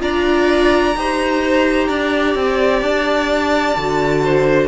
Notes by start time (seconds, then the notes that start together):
0.00 D4 F4 D5 A#5
0.96 D#4 G4 C5
1.88 D4 D5
2.35 C4
2.82 D4 A5
3.77 D3 F#4
4.24 C5